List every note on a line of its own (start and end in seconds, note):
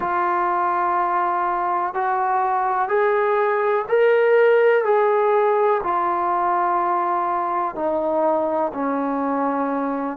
0.00 1.94 F4
1.94 2.88 F#4
2.88 3.84 G#4
3.88 4.84 A#4
4.84 5.81 G#4
5.83 7.75 F4
7.75 8.72 D#4
8.73 10.17 C#4